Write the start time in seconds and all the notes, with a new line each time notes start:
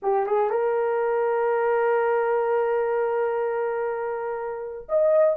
0.02 G4
0.26 G#4
0.50 A#4
4.88 D#5